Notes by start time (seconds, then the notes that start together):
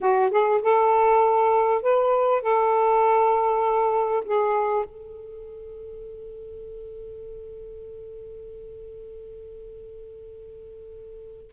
0.01 F#4
0.30 G#4
0.62 A4
1.82 B4
2.41 A4
4.25 G#4
4.85 A4